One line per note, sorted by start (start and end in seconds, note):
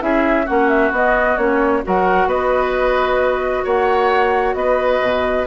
0.00 0.48 C#4
0.00 0.45 E4
0.00 0.46 G#4
0.00 0.48 E5
0.46 0.92 A#3
0.46 0.94 C#4
0.46 1.82 F#4
0.46 0.70 F#5
0.70 0.92 E5
0.92 1.37 B3
0.92 1.39 B3
0.92 1.38 D#5
1.38 1.84 A#3
1.38 1.84 C#4
1.38 1.83 C#5
1.84 2.27 F#3
1.84 5.47 F#4
1.84 2.28 A#4
1.84 2.30 F#5
2.27 3.63 B3
2.27 3.64 B4
2.27 3.66 D#5
3.64 4.55 A#3
3.64 4.55 C#5
3.64 4.55 F#5
4.55 5.00 B3
4.55 5.47 B4
4.55 5.46 D#5
5.02 5.47 B2